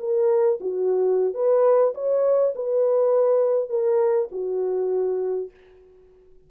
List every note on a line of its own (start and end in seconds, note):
0.00 0.59 A#4
0.61 1.34 F#4
1.34 1.94 B4
1.95 2.54 C#5
2.55 3.70 B4
3.70 4.29 A#4
4.32 5.51 F#4